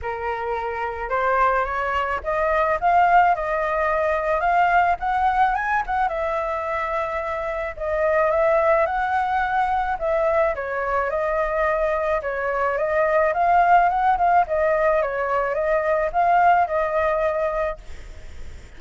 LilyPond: \new Staff \with { instrumentName = "flute" } { \time 4/4 \tempo 4 = 108 ais'2 c''4 cis''4 | dis''4 f''4 dis''2 | f''4 fis''4 gis''8 fis''8 e''4~ | e''2 dis''4 e''4 |
fis''2 e''4 cis''4 | dis''2 cis''4 dis''4 | f''4 fis''8 f''8 dis''4 cis''4 | dis''4 f''4 dis''2 | }